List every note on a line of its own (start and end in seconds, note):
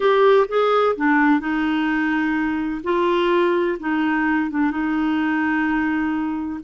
0.00 0.47 G4
0.48 0.95 G#4
0.96 1.39 D4
1.39 2.81 D#4
2.83 3.78 F4
3.79 4.50 D#4
4.50 4.71 D4
4.71 6.59 D#4